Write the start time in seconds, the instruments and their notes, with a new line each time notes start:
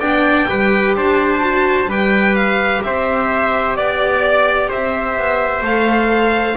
0.00 double bass B3, viola D4, trumpet D5, violin G5
0.49 double bass G3, viola G4, trumpet B4
0.96 double bass D4, trumpet C5, violin A5
1.41 viola F#4
1.86 double bass G3, viola G4, trumpet B4, violin G5
2.35 violin F5
2.83 double bass C4, trumpet C5, violin E5
3.76 double bass B3, violin D5, trumpet D5
4.69 double bass C4, trumpet C5, violin E5
5.18 double bass B3
5.61 double bass A3, viola A4, violin F5